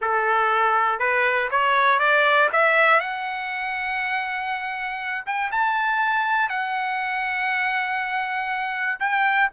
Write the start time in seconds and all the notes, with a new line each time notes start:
0.01 A4
0.99 B4
1.50 C#5
1.99 D5
2.52 E5
3.00 F#5
5.25 G5
5.51 A5
6.49 F#5
8.99 G5